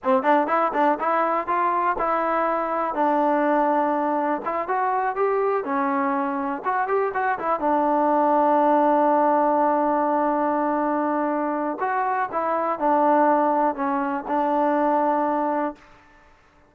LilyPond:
\new Staff \with { instrumentName = "trombone" } { \time 4/4 \tempo 4 = 122 c'8 d'8 e'8 d'8 e'4 f'4 | e'2 d'2~ | d'4 e'8 fis'4 g'4 cis'8~ | cis'4. fis'8 g'8 fis'8 e'8 d'8~ |
d'1~ | d'1 | fis'4 e'4 d'2 | cis'4 d'2. | }